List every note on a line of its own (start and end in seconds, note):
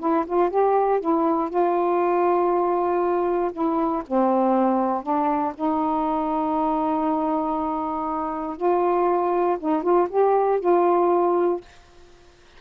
0.00 0.25 E4
0.27 0.50 F4
0.50 1.01 G4
1.01 1.50 E4
1.50 3.52 F4
3.53 4.03 E4
4.08 5.03 C4
5.03 5.54 D4
5.55 8.57 D#4
8.57 9.58 F4
9.60 9.83 D#4
9.83 10.09 F4
10.10 10.60 G4
10.61 11.61 F4